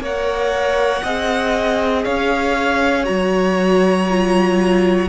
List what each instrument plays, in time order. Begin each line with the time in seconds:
0.00 cello A#3, viola A#4, violin C#5 F#5
1.03 cello C4, viola G#4, violin D#5
2.04 cello C#4, violin C#5 F5
3.04 cello F#3, viola F#4, violin A#5
4.09 viola F4